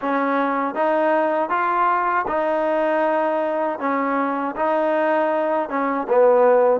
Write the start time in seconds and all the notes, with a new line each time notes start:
0.01 C#4
0.74 D#4
1.49 F4
2.27 D#4
3.79 C#4
4.56 D#4
5.69 C#4
6.08 B3